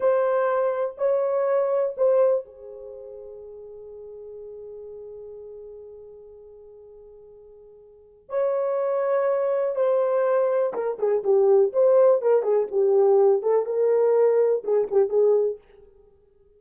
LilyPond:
\new Staff \with { instrumentName = "horn" } { \time 4/4 \tempo 4 = 123 c''2 cis''2 | c''4 gis'2.~ | gis'1~ | gis'1~ |
gis'4 cis''2. | c''2 ais'8 gis'8 g'4 | c''4 ais'8 gis'8 g'4. a'8 | ais'2 gis'8 g'8 gis'4 | }